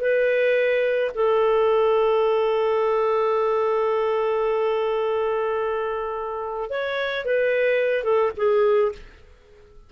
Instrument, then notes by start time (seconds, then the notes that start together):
clarinet
0.00 B4
1.14 A4
6.70 C#5
7.25 B4
8.04 A4
8.36 G#4